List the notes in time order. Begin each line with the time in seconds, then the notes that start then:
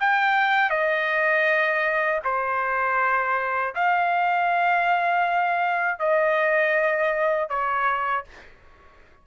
0.00 G5
0.70 D#5
2.24 C5
3.75 F5
5.99 D#5
7.49 C#5